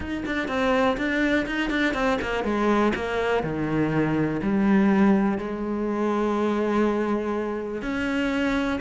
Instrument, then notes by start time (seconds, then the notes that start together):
cello
0.00 D#4
0.25 D4
0.47 C4
0.97 D4
1.46 D#4
1.70 D4
1.94 C4
2.21 A#3
2.44 G#3
2.95 A#3
3.43 D#3
4.42 G3
5.38 G#3
7.82 C#4